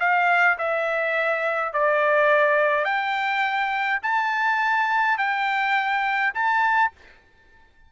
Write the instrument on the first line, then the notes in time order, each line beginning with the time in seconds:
trumpet
0.00 F5
0.58 E5
1.73 D5
2.85 G5
4.03 A5
5.18 G5
6.34 A5